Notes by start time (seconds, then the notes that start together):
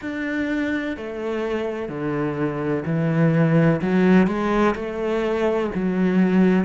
0.01 D4
0.96 A3
1.88 D3
2.85 E3
3.81 F#3
4.27 G#3
4.75 A3
5.74 F#3